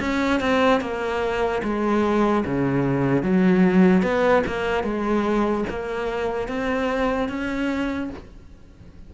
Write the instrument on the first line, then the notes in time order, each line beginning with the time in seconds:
cello
0.00 C#4
0.41 C4
0.81 A#3
1.64 G#3
2.45 C#3
3.23 F#3
4.02 B3
4.47 A#3
4.84 G#3
5.70 A#3
6.48 C4
7.29 C#4